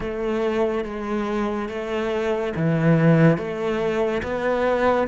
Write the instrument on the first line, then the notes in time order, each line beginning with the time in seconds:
cello
0.00 A3
0.84 G#3
1.69 A3
2.56 E3
3.37 A3
4.23 B3